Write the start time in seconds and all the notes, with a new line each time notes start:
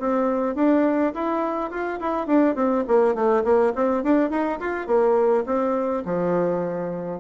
0.00 C4
0.56 D4
1.14 E4
1.71 F4
2.00 E4
2.27 D4
2.55 C4
2.88 A#3
3.15 A3
3.44 A#3
3.75 C4
4.04 D4
4.30 D#4
4.60 F4
4.87 A#3
5.46 C4
6.05 F3